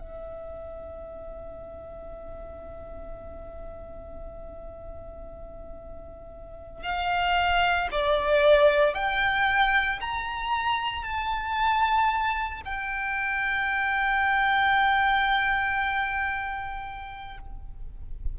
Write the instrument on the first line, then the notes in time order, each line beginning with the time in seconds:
violin
0.00 E5
6.83 F5
7.92 D5
8.95 G5
10.01 A#5
11.04 A5
12.66 G5